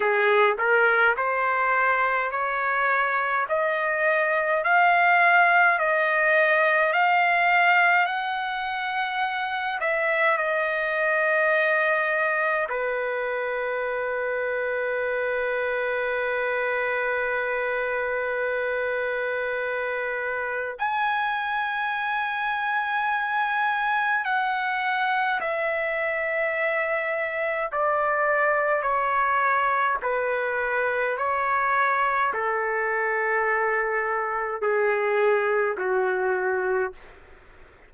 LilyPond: \new Staff \with { instrumentName = "trumpet" } { \time 4/4 \tempo 4 = 52 gis'8 ais'8 c''4 cis''4 dis''4 | f''4 dis''4 f''4 fis''4~ | fis''8 e''8 dis''2 b'4~ | b'1~ |
b'2 gis''2~ | gis''4 fis''4 e''2 | d''4 cis''4 b'4 cis''4 | a'2 gis'4 fis'4 | }